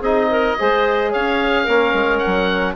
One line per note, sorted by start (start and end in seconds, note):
0.00 0.56 C4
0.00 0.59 D#4
0.00 0.28 G#4
0.00 1.13 D#5
0.30 0.58 A#4
0.59 1.15 G#3
0.59 1.68 G#4
0.59 1.12 C5
1.12 1.68 C#4
1.12 1.65 C#5
1.12 2.18 F5
1.65 1.94 A#3
1.65 2.77 C#4
1.65 2.75 A#4
1.94 2.21 G#3
2.18 2.73 F#5
2.26 2.77 F#3